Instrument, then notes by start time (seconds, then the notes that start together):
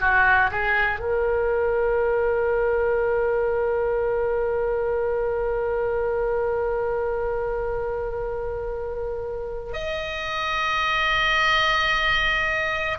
oboe
0.00 F#4
0.50 G#4
1.00 A#4
9.73 D#5